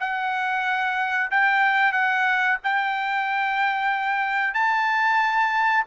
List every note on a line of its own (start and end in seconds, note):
0.00 1.30 F#5
1.31 1.92 G5
1.92 2.57 F#5
2.64 4.54 G5
4.54 5.84 A5